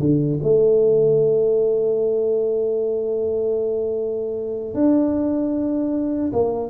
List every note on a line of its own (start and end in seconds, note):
0.00 0.39 D3
0.43 4.75 A3
4.75 6.33 D4
6.33 6.70 A#3